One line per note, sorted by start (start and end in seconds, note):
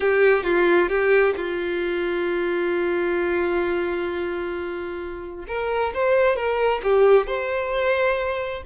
0.00 0.43 G4
0.43 0.88 F4
0.88 1.34 G4
1.36 5.45 F4
5.47 5.93 A#4
5.94 6.35 C5
6.35 6.81 A#4
6.83 7.26 G4
7.26 8.63 C5